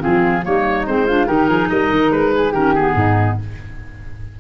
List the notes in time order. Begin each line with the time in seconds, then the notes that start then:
0.00 C4 F4 G#4
0.06 F3
0.43 G3 A#3 D#4 C#5
0.86 G#3 C4 C5
1.07 D4 F4
1.27 D#3 D#4 G4 A#4
1.49 F3 G#4
1.70 G3 A#4 D#5
1.91 D#3
2.11 G#3 B4
2.35 G#4
2.52 D#3 C#4 G4 A#4
2.75 B3 G#4
2.95 G#2 D#4